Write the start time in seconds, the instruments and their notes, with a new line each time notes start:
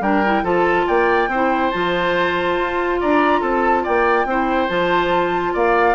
0.00 bassoon G3, clarinet D4, oboe A#4, flute G5
0.25 clarinet E4
0.43 bassoon F3, clarinet F4, oboe A4, flute A5
0.87 bassoon A#3, oboe D5, flute G5
1.28 bassoon C4, oboe C5
1.34 clarinet E4
1.70 bassoon F3, clarinet F4, flute A5
2.58 bassoon F4
3.00 bassoon D4, oboe D5, flute A#5
3.40 bassoon C4, oboe A4, flute A5
3.83 bassoon A#3, oboe D5, flute G5
4.25 bassoon C4, clarinet E4, oboe C5
4.68 bassoon F3, clarinet F4, flute A5
5.53 bassoon A#3, oboe D5, flute F5